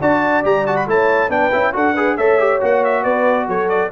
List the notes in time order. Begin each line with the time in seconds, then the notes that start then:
0.00 D4 F#4 D5 A5
0.43 G3 G4 A#5
0.66 F#4 A5
0.76 B5
0.87 A3 E4 C#5 A5
1.29 B3 D4 B4 G5
1.52 C#4 E4
1.73 D4 F#4 A4 F#5
1.94 G#4 B4
2.17 A3 A4 C#5 E5
2.39 G4
2.60 A#3 F#4 F#5
2.84 E5
3.03 B3 B4 D5
3.48 F#3 A4 C#5
3.69 D5